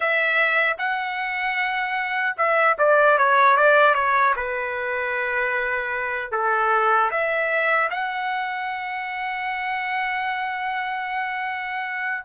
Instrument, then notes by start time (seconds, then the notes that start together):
trumpet
0.00 E5
0.78 F#5
2.37 E5
2.78 D5
3.18 C#5
3.57 D5
3.94 C#5
4.36 B4
6.31 A4
7.11 E5
7.90 F#5